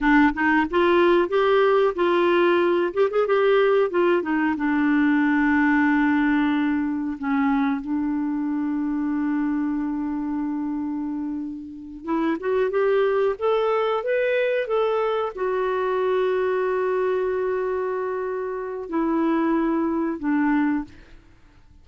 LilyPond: \new Staff \with { instrumentName = "clarinet" } { \time 4/4 \tempo 4 = 92 d'8 dis'8 f'4 g'4 f'4~ | f'8 g'16 gis'16 g'4 f'8 dis'8 d'4~ | d'2. cis'4 | d'1~ |
d'2~ d'8 e'8 fis'8 g'8~ | g'8 a'4 b'4 a'4 fis'8~ | fis'1~ | fis'4 e'2 d'4 | }